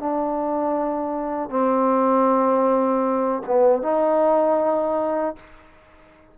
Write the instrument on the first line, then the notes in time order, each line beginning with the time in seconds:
trombone
0.00 D4
1.50 C4
3.47 B3
3.83 D#4